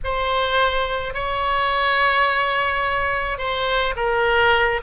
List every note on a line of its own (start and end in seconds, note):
0.04 1.13 C5
1.13 3.38 C#5
3.38 3.94 C5
3.96 4.81 A#4